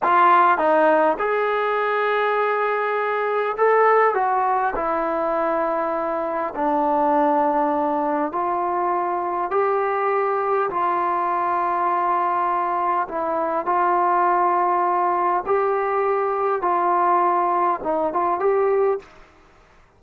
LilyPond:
\new Staff \with { instrumentName = "trombone" } { \time 4/4 \tempo 4 = 101 f'4 dis'4 gis'2~ | gis'2 a'4 fis'4 | e'2. d'4~ | d'2 f'2 |
g'2 f'2~ | f'2 e'4 f'4~ | f'2 g'2 | f'2 dis'8 f'8 g'4 | }